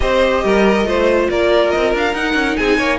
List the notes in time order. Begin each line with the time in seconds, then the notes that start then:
0.00 C4 G4 C5 D#5
0.44 G3 A#4
0.85 A3 F4 C5
1.30 A#3 A#4 D5
1.70 C4 D#5
1.94 D4 F5
2.13 D#4 F#5
2.34 C#4
2.56 C4 G#4 G#5
2.77 A#3 C#5